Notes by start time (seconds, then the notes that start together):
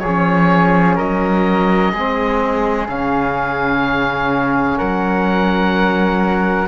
0.00 F3 G#4 C#5
0.07 C#4
0.96 F#3 A#4 D#5
1.92 G#3 C4 G#4
2.89 C#3 C#4 F5
4.78 F#3 A#4 F#5